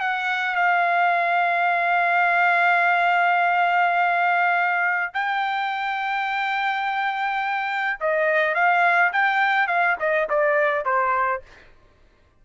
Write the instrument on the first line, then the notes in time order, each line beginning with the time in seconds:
trumpet
0.00 F#5
0.55 F5
5.14 G5
8.00 D#5
8.54 F5
9.12 G5
9.68 F5
9.99 D#5
10.29 D5
10.85 C5